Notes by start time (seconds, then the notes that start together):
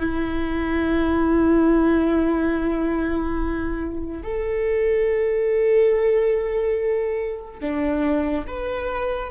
0.00 E4
4.23 A4
7.61 D4
8.47 B4